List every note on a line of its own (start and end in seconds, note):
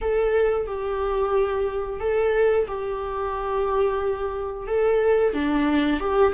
0.01 0.66 A4
0.66 2.00 G4
2.00 2.66 A4
2.67 4.67 G4
4.67 5.33 A4
5.33 5.99 D4
5.99 6.33 G4